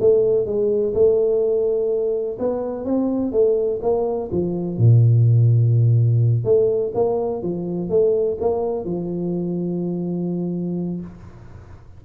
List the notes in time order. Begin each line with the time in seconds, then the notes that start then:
0.00 A3
0.46 G#3
0.94 A3
2.39 B3
2.85 C4
3.32 A3
3.82 A#3
4.31 F3
4.78 A#2
6.44 A3
6.94 A#3
7.42 F3
7.90 A3
8.40 A#3
8.85 F3